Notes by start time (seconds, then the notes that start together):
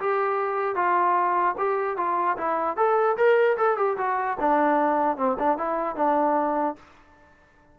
0.00 G4
0.76 F4
1.58 G4
1.97 F4
2.38 E4
2.77 A4
3.17 A#4
3.57 A4
3.77 G4
3.98 F#4
4.40 D4
5.17 C4
5.39 D4
5.58 E4
5.96 D4